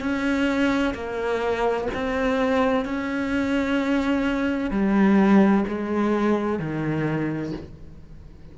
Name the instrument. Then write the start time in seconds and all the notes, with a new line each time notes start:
cello
0.00 C#4
0.94 A#3
1.94 C4
2.85 C#4
4.70 G3
5.68 G#3
6.59 D#3